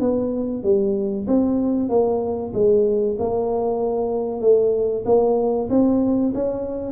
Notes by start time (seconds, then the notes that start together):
0.00 B3
0.63 G3
1.27 C4
1.89 A#3
2.53 G#3
3.19 A#3
4.41 A3
5.05 A#3
5.69 C4
6.34 C#4